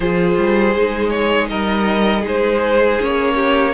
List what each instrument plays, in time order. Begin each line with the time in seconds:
0.00 cello F3, viola F4, violin G#4 C5
0.37 cello G3
0.75 cello G#3, viola D#4
1.09 violin C#5
1.49 cello G3, violin A#4 D#5
2.21 cello G#3, violin G#4 C5
3.00 cello A#3, viola C#4, violin C#5
3.34 violin G4